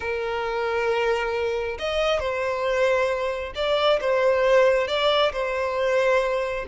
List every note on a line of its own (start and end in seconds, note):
0.00 1.78 A#4
1.78 2.19 D#5
2.19 3.53 C5
3.55 3.99 D5
4.00 4.87 C5
4.87 5.32 D5
5.32 6.65 C5